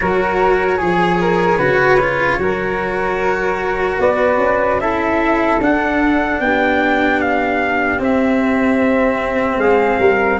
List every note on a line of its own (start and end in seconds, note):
0.00 0.81 F#3
0.00 0.79 F#4
0.00 0.77 A#4
0.00 4.00 C#5
0.77 1.58 F3
0.77 1.17 G#4
0.77 1.59 G#4
1.20 1.57 A#4
1.57 2.38 C#3
1.57 1.99 F#4
1.57 2.37 B4
1.99 2.39 F4
2.38 3.98 F#3
2.38 4.79 F#4
2.38 4.00 A#4
3.99 4.37 B3
3.99 4.80 B4
3.99 4.80 D5
4.37 5.57 C#4
4.80 5.61 E4
4.80 6.40 A4
4.80 5.60 E5
5.60 6.40 D4
5.60 7.98 D4
5.60 6.40 F#5
6.40 8.00 B3
6.40 9.59 G4
6.40 7.20 G5
7.20 8.00 F5
7.98 10.38 C4
7.98 9.57 C4
7.98 9.59 E5
9.57 9.97 G#3
9.57 9.99 G#4
9.57 10.39 F5
9.99 10.39 G3
9.99 10.39 A#4